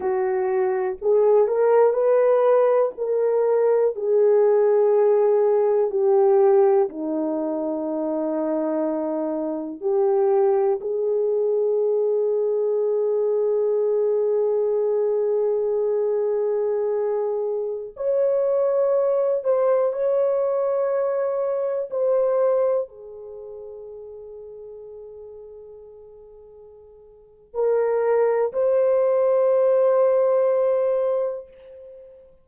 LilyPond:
\new Staff \with { instrumentName = "horn" } { \time 4/4 \tempo 4 = 61 fis'4 gis'8 ais'8 b'4 ais'4 | gis'2 g'4 dis'4~ | dis'2 g'4 gis'4~ | gis'1~ |
gis'2~ gis'16 cis''4. c''16~ | c''16 cis''2 c''4 gis'8.~ | gis'1 | ais'4 c''2. | }